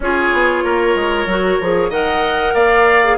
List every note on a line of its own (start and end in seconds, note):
0.00 0.29 C#4
0.00 1.29 F4
0.00 0.64 G#4
0.00 1.92 C#5
0.33 0.63 B3
0.63 0.95 A#3
0.63 1.89 A#4
0.95 1.26 G#3
1.26 1.58 F#3
1.26 1.61 F#4
1.60 1.89 F3
1.60 1.92 G#4
1.89 2.53 D#3
1.89 3.03 A#4
1.89 2.53 D#5
1.89 2.54 F#5
2.53 3.17 A#3
2.53 3.17 D5
2.53 3.18 F5
3.04 3.18 G#4